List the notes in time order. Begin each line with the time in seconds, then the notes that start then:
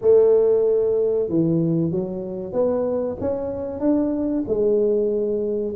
0.01 A3
1.29 E3
1.91 F#3
2.52 B3
3.20 C#4
3.80 D4
4.47 G#3